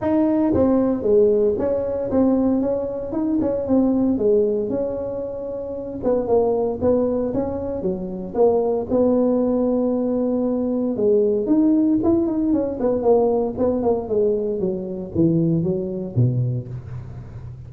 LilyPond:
\new Staff \with { instrumentName = "tuba" } { \time 4/4 \tempo 4 = 115 dis'4 c'4 gis4 cis'4 | c'4 cis'4 dis'8 cis'8 c'4 | gis4 cis'2~ cis'8 b8 | ais4 b4 cis'4 fis4 |
ais4 b2.~ | b4 gis4 dis'4 e'8 dis'8 | cis'8 b8 ais4 b8 ais8 gis4 | fis4 e4 fis4 b,4 | }